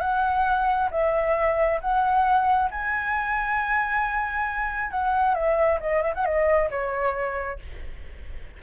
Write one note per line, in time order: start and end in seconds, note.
0.00 0.89 F#5
0.91 1.79 E5
1.80 2.69 F#5
2.71 4.90 G#5
4.90 5.34 F#5
5.34 5.78 E5
5.80 6.02 D#5
6.02 6.13 E5
6.14 6.25 F#5
6.25 6.69 D#5
6.70 7.59 C#5